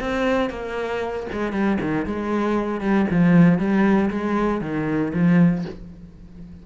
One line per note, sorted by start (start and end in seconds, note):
0.00 0.50 C4
0.50 1.27 A#3
1.32 1.52 G#3
1.52 1.78 G3
1.81 2.06 D#3
2.06 2.81 G#3
2.81 3.06 G3
3.11 3.59 F3
3.59 4.10 G3
4.10 4.61 G#3
4.61 5.13 D#3
5.14 5.65 F3